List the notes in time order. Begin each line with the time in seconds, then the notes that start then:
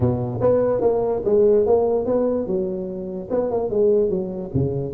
0.00 B2
0.40 B3
0.80 A#3
1.24 G#3
1.66 A#3
2.05 B3
2.46 F#3
3.30 B3
3.51 A#3
3.69 G#3
4.09 F#3
4.54 C#3